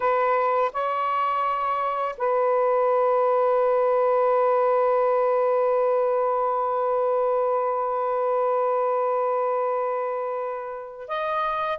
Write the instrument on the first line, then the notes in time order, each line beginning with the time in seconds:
saxophone
0.00 B4
0.72 C#5
2.17 B4
11.08 D#5